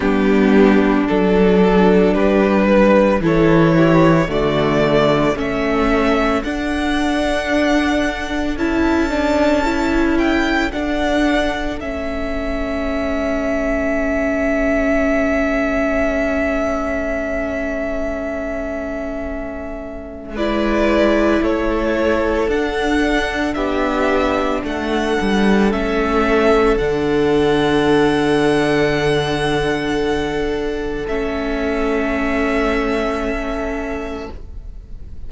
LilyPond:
<<
  \new Staff \with { instrumentName = "violin" } { \time 4/4 \tempo 4 = 56 g'4 a'4 b'4 cis''4 | d''4 e''4 fis''2 | a''4. g''8 fis''4 e''4~ | e''1~ |
e''2. d''4 | cis''4 fis''4 e''4 fis''4 | e''4 fis''2.~ | fis''4 e''2. | }
  \new Staff \with { instrumentName = "violin" } { \time 4/4 d'2 g'8 b'8 a'8 g'8 | fis'4 a'2.~ | a'1~ | a'1~ |
a'2. b'4 | a'2 g'4 a'4~ | a'1~ | a'1 | }
  \new Staff \with { instrumentName = "viola" } { \time 4/4 b4 d'2 e'4 | a4 cis'4 d'2 | e'8 d'8 e'4 d'4 cis'4~ | cis'1~ |
cis'2. e'4~ | e'4 d'2. | cis'4 d'2.~ | d'4 cis'2. | }
  \new Staff \with { instrumentName = "cello" } { \time 4/4 g4 fis4 g4 e4 | d4 a4 d'2 | cis'2 d'4 a4~ | a1~ |
a2. gis4 | a4 d'4 b4 a8 g8 | a4 d2.~ | d4 a2. | }
>>